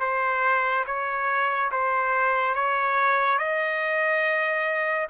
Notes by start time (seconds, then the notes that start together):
0.00 C5
0.86 C#5
1.71 C5
2.55 C#5
3.38 D#5